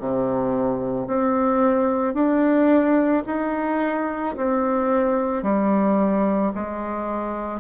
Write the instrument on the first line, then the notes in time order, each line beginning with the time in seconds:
bassoon
0.00 C3
1.08 C4
2.15 D4
3.27 D#4
4.37 C4
5.43 G3
6.55 G#3